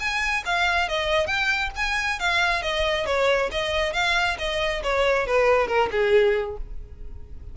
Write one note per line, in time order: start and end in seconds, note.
0.00 0.44 G#5
0.46 0.89 F5
0.89 1.27 D#5
1.27 1.71 G5
1.76 2.20 G#5
2.20 2.62 F5
2.62 3.06 D#5
3.06 3.50 C#5
3.52 3.93 D#5
3.93 4.37 F5
4.39 4.83 D#5
4.83 5.27 C#5
5.27 5.68 B4
5.68 5.90 A#4
5.91 6.57 G#4